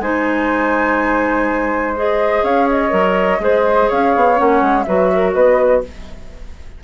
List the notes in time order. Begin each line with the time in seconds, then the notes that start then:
0.00 G#3 D#4 C5 G#5
1.97 G#4 D#5
2.43 C#4 C#5 F5
2.70 D#5
2.90 F#3 A#4
3.40 G#3 G#4 C5
3.89 C#4 C#5 F5
4.16 B3
4.36 A#3 C#4 F#5
4.61 G#3
4.84 F#3 F#4 B4 E5
5.15 A#4
5.34 B3 B4 D#5